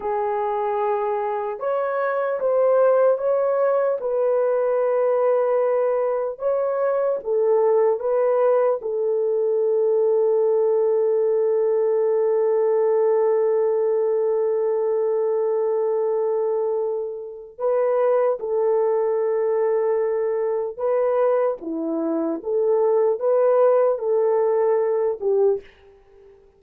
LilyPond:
\new Staff \with { instrumentName = "horn" } { \time 4/4 \tempo 4 = 75 gis'2 cis''4 c''4 | cis''4 b'2. | cis''4 a'4 b'4 a'4~ | a'1~ |
a'1~ | a'2 b'4 a'4~ | a'2 b'4 e'4 | a'4 b'4 a'4. g'8 | }